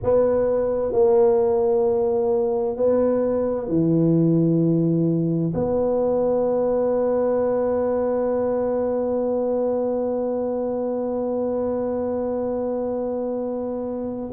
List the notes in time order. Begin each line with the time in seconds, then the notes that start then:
0.03 B3
0.92 A#3
2.76 B3
3.68 E3
5.53 B3